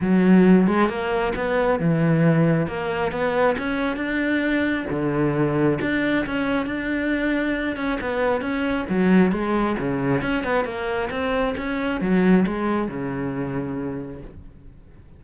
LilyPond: \new Staff \with { instrumentName = "cello" } { \time 4/4 \tempo 4 = 135 fis4. gis8 ais4 b4 | e2 ais4 b4 | cis'4 d'2 d4~ | d4 d'4 cis'4 d'4~ |
d'4. cis'8 b4 cis'4 | fis4 gis4 cis4 cis'8 b8 | ais4 c'4 cis'4 fis4 | gis4 cis2. | }